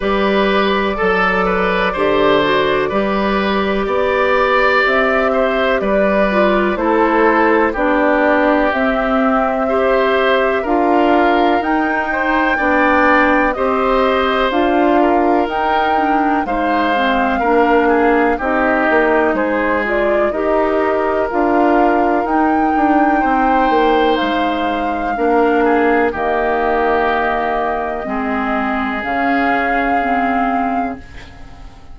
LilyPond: <<
  \new Staff \with { instrumentName = "flute" } { \time 4/4 \tempo 4 = 62 d''1~ | d''4 e''4 d''4 c''4 | d''4 e''2 f''4 | g''2 dis''4 f''4 |
g''4 f''2 dis''4 | c''8 d''8 dis''4 f''4 g''4~ | g''4 f''2 dis''4~ | dis''2 f''2 | }
  \new Staff \with { instrumentName = "oboe" } { \time 4/4 b'4 a'8 b'8 c''4 b'4 | d''4. c''8 b'4 a'4 | g'2 c''4 ais'4~ | ais'8 c''8 d''4 c''4. ais'8~ |
ais'4 c''4 ais'8 gis'8 g'4 | gis'4 ais'2. | c''2 ais'8 gis'8 g'4~ | g'4 gis'2. | }
  \new Staff \with { instrumentName = "clarinet" } { \time 4/4 g'4 a'4 g'8 fis'8 g'4~ | g'2~ g'8 f'8 e'4 | d'4 c'4 g'4 f'4 | dis'4 d'4 g'4 f'4 |
dis'8 d'8 dis'8 c'8 d'4 dis'4~ | dis'8 f'8 g'4 f'4 dis'4~ | dis'2 d'4 ais4~ | ais4 c'4 cis'4 c'4 | }
  \new Staff \with { instrumentName = "bassoon" } { \time 4/4 g4 fis4 d4 g4 | b4 c'4 g4 a4 | b4 c'2 d'4 | dis'4 b4 c'4 d'4 |
dis'4 gis4 ais4 c'8 ais8 | gis4 dis'4 d'4 dis'8 d'8 | c'8 ais8 gis4 ais4 dis4~ | dis4 gis4 cis2 | }
>>